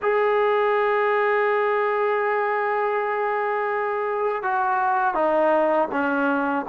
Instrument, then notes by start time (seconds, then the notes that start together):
trombone
0.02 G#4
4.42 F#4
5.14 D#4
5.91 C#4